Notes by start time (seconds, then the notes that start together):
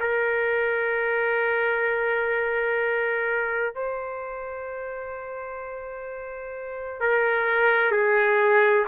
0.00 A#4
3.75 C5
7.01 A#4
7.92 G#4